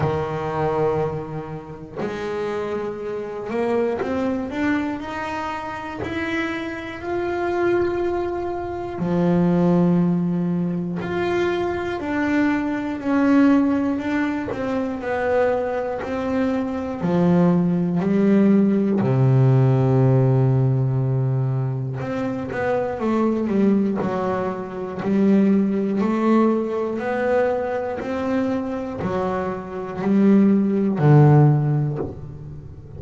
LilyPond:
\new Staff \with { instrumentName = "double bass" } { \time 4/4 \tempo 4 = 60 dis2 gis4. ais8 | c'8 d'8 dis'4 e'4 f'4~ | f'4 f2 f'4 | d'4 cis'4 d'8 c'8 b4 |
c'4 f4 g4 c4~ | c2 c'8 b8 a8 g8 | fis4 g4 a4 b4 | c'4 fis4 g4 d4 | }